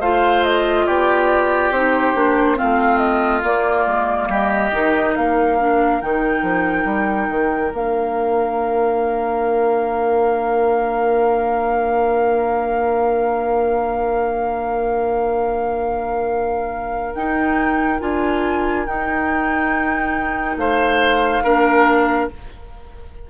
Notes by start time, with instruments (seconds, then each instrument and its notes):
0.00 bassoon A3, clarinet F4, oboe C5, flute F5
0.44 flute D#5
0.87 bassoon B3, oboe G4, flute D5
1.71 bassoon C4, clarinet D#4, flute C5
2.15 bassoon A#3, clarinet D4
2.56 clarinet C4, oboe F4, flute F5
2.62 bassoon A3
2.98 flute D#5
3.43 clarinet A#3, bassoon A#3, flute D5
3.87 bassoon G#3
4.28 bassoon G3, oboe G4, flute D#5
4.72 bassoon D#3, clarinet D#4
5.16 bassoon A#3, oboe A#4, flute F5
5.59 clarinet D4
6.01 bassoon D#3, clarinet D#4, flute G5
6.43 bassoon F3
6.85 bassoon G3
7.29 bassoon D#3
7.73 bassoon A#3, clarinet D4, flute F5
17.14 bassoon D#4, clarinet D#4, flute G5
18.00 bassoon D4, clarinet F4, flute G#5
18.86 bassoon D#4, clarinet D#4, flute G5
20.57 bassoon A3, oboe C5, flute F5
21.44 bassoon A#3, clarinet D4, oboe A#4